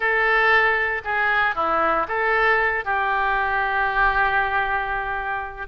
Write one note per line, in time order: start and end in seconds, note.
0.00 1.02 A4
1.04 1.55 G#4
1.55 2.06 E4
2.07 2.84 A4
2.84 5.67 G4